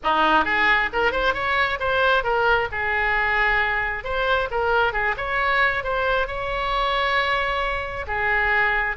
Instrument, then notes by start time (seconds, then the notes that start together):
oboe
0.03 D#4
0.44 G#4
0.92 A#4
1.11 C5
1.34 C#5
1.79 C5
2.23 A#4
2.71 G#4
4.04 C5
4.50 A#4
4.93 G#4
5.17 C#5
5.83 C5
6.27 C#5
8.07 G#4